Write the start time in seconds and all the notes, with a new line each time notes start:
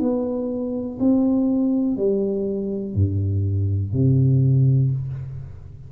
0.00 B3
1.00 C4
1.97 G3
2.95 G2
3.93 C3